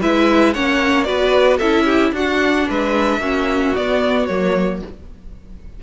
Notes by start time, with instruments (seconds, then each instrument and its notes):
0.00 cello G#3, viola E4, violin B4 E5
0.53 cello A#3, viola C#4, violin C#5 F#5
1.03 cello B3, viola F#4, violin B4 D5
1.57 cello C#4, viola E4, violin A4 E5
1.84 violin G4
2.11 cello D4, viola D4, violin F#4 F#5
2.69 cello G#3, violin B4 E5
3.18 cello A#3, viola C#4, violin F#4
3.75 viola B3, cello B3, violin D5
4.25 cello F#3, viola A#3, violin C#5